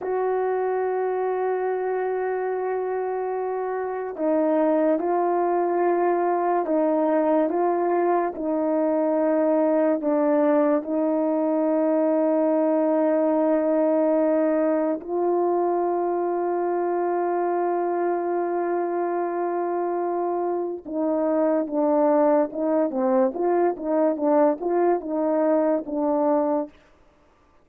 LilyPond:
\new Staff \with { instrumentName = "horn" } { \time 4/4 \tempo 4 = 72 fis'1~ | fis'4 dis'4 f'2 | dis'4 f'4 dis'2 | d'4 dis'2.~ |
dis'2 f'2~ | f'1~ | f'4 dis'4 d'4 dis'8 c'8 | f'8 dis'8 d'8 f'8 dis'4 d'4 | }